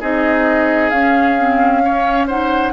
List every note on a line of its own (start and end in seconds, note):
0.00 0.91 C4
0.00 0.91 D#4
0.00 1.82 G#4
0.00 0.89 D#5
0.89 2.73 C#4
0.89 1.38 C#4
0.89 2.26 F5
1.38 1.83 C4
1.83 2.28 C#4
1.83 2.27 C#5
2.27 2.73 D#4
2.27 2.72 C5
2.27 2.73 F#5